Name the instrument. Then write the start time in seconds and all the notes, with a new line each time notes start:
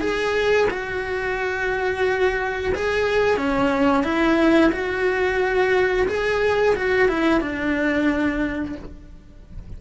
cello
0.00 G#4
0.70 F#4
2.74 G#4
3.36 C#4
4.03 E4
4.71 F#4
6.07 G#4
6.75 F#4
7.08 E4
7.41 D4